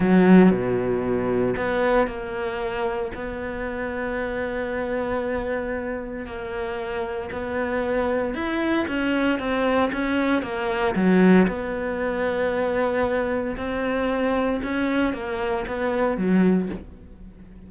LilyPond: \new Staff \with { instrumentName = "cello" } { \time 4/4 \tempo 4 = 115 fis4 b,2 b4 | ais2 b2~ | b1 | ais2 b2 |
e'4 cis'4 c'4 cis'4 | ais4 fis4 b2~ | b2 c'2 | cis'4 ais4 b4 fis4 | }